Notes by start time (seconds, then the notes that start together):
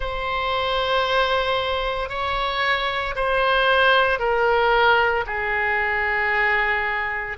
0.00 C5
2.09 C#5
3.15 C5
4.19 A#4
5.26 G#4